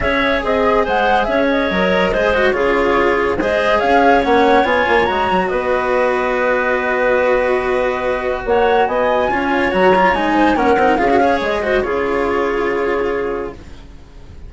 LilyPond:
<<
  \new Staff \with { instrumentName = "flute" } { \time 4/4 \tempo 4 = 142 e''4 dis''4 fis''4 e''8 dis''8~ | dis''2 cis''2 | dis''4 f''4 fis''4 gis''4 | ais''4 dis''2.~ |
dis''1 | fis''4 gis''2 ais''4 | gis''4 fis''4 f''4 dis''4 | cis''1 | }
  \new Staff \with { instrumentName = "clarinet" } { \time 4/4 cis''4 gis'4 c''4 cis''4~ | cis''4 c''4 gis'2 | c''4 cis''2.~ | cis''4 b'2.~ |
b'1 | cis''4 dis''4 cis''2~ | cis''8 c''8 ais'4 gis'8 cis''4 c''8 | gis'1 | }
  \new Staff \with { instrumentName = "cello" } { \time 4/4 gis'1 | ais'4 gis'8 fis'8 f'2 | gis'2 cis'4 f'4 | fis'1~ |
fis'1~ | fis'2 f'4 fis'8 f'8 | dis'4 cis'8 dis'8 f'16 fis'16 gis'4 fis'8 | f'1 | }
  \new Staff \with { instrumentName = "bassoon" } { \time 4/4 cis'4 c'4 gis4 cis'4 | fis4 gis4 cis2 | gis4 cis'4 ais4 b8 ais8 | gis8 fis8 b2.~ |
b1 | ais4 b4 cis'4 fis4 | gis4 ais8 c'8 cis'4 gis4 | cis1 | }
>>